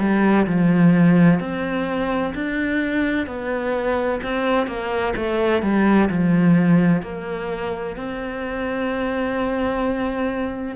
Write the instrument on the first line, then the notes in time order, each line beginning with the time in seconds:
cello
0.00 G3
0.47 F3
1.40 C4
2.35 D4
3.27 B3
4.24 C4
4.67 A#3
5.17 A3
5.62 G3
6.10 F3
7.03 A#3
7.97 C4